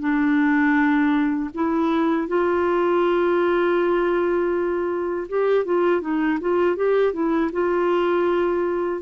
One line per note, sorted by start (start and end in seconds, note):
0.00 1.50 D4
1.54 2.28 E4
2.28 5.28 F4
5.29 5.65 G4
5.65 6.01 F4
6.01 6.39 D#4
6.41 6.76 F4
6.76 7.13 G4
7.13 7.51 E4
7.52 9.02 F4